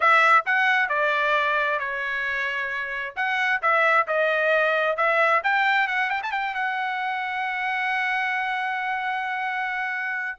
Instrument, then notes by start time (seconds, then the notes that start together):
trumpet
0.00 E5
0.45 F#5
0.88 D5
1.79 C#5
3.16 F#5
3.62 E5
4.07 D#5
4.96 E5
5.43 G5
5.87 F#5
6.10 G5
6.22 A5
6.31 G5
6.54 F#5